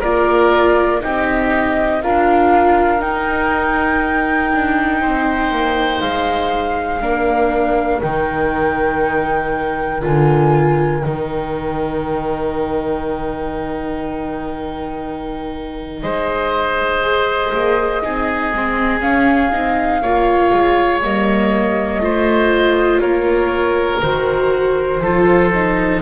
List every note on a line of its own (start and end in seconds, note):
0.00 1.04 A#3
0.00 1.01 F4
0.00 1.00 A#4
0.00 1.02 D5
1.01 2.04 C4
1.01 2.01 D#4
1.01 2.03 G4
1.01 2.02 D#5
2.02 3.03 D4
2.02 3.00 F4
2.02 5.01 A#4
2.02 3.02 F5
3.00 7.00 D#4
3.00 4.53 D#4
3.00 6.01 G5
4.54 5.03 D4
5.01 5.51 C4
5.01 7.01 C5
5.51 6.01 A#3
6.01 7.02 G#3
6.01 8.01 F5
7.01 8.02 A#3
7.01 8.01 D4
7.01 16.02 A#4
8.02 10.04 D#3
8.02 10.01 D#4
8.02 10.02 G5
10.01 11.05 D3
10.01 11.01 F4
10.01 11.03 G#5
11.03 16.03 D#3
11.03 17.03 D#4
11.03 16.01 G5
16.01 17.53 G#3
16.01 18.04 C5
16.01 19.01 D#5
17.03 18.03 G#4
17.54 18.04 A#3
18.03 18.54 C4
18.03 18.53 D#4
18.03 20.02 G#4
18.54 19.03 G#3
18.54 19.01 C4
19.01 19.51 C#4
19.01 19.53 C#4
19.01 21.02 F5
19.52 20.02 C4
19.52 20.02 D#4
20.02 20.52 A#3
20.02 21.03 F4
20.02 22.02 C#5
20.54 21.03 G#3
21.02 22.00 G3
21.02 22.01 A#3
21.02 23.00 D#5
22.00 23.00 A3
22.00 24.01 F4
22.00 23.02 C5
23.00 24.02 A#3
23.00 25.02 A#4
23.00 24.00 C#5
24.02 25.01 D#3
24.02 25.03 F#4
24.02 26.02 C5
25.01 26.01 F3
25.01 25.53 F4
25.01 26.02 A4
25.54 26.02 D#4